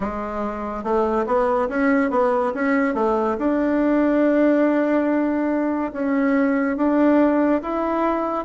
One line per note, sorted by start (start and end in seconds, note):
0.00 0.83 G#3
0.83 1.25 A3
1.26 1.68 B3
1.69 2.10 C#4
2.10 2.52 B3
2.54 2.94 C#4
2.94 3.36 A3
3.38 5.92 D4
5.92 6.76 C#4
6.76 7.61 D4
7.61 8.44 E4